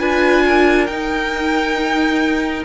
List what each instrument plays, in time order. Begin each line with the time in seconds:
0.00 cello D4, viola F4, violin B4 G#5
0.46 violin A#4
0.87 cello D#4, viola D#4, violin G5